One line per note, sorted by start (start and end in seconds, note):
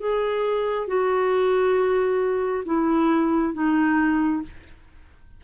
0.00 0.88 G#4
0.88 2.64 F#4
2.66 3.54 E4
3.54 4.42 D#4